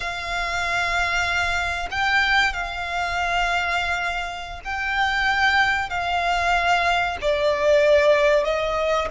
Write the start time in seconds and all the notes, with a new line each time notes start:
0.00 F5
1.90 G5
2.53 F5
4.64 G5
5.89 F5
7.21 D5
8.44 D#5